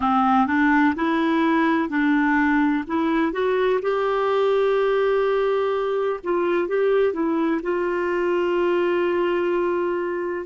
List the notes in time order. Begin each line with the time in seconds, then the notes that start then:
0.00 C4
0.46 D4
0.95 E4
1.89 D4
2.87 E4
3.32 F#4
3.81 G4
6.23 F4
6.68 G4
7.13 E4
7.62 F4